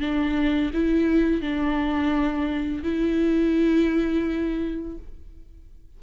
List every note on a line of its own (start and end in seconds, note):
0.00 0.71 D4
0.74 1.42 E4
1.42 2.83 D4
2.83 4.98 E4